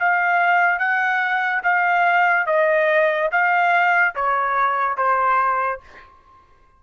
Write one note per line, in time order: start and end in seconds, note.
0.00 0.79 F5
0.79 1.62 F#5
1.64 2.47 F5
2.47 3.30 D#5
3.32 4.15 F5
4.16 4.98 C#5
4.98 5.81 C5